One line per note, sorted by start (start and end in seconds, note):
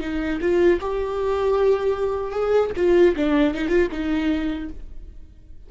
0.00 0.39 D#4
0.41 0.80 F4
0.80 2.31 G4
2.31 2.70 G#4
2.76 3.15 F4
3.16 3.54 D4
3.54 3.68 D#4
3.68 3.88 F4
3.91 4.69 D#4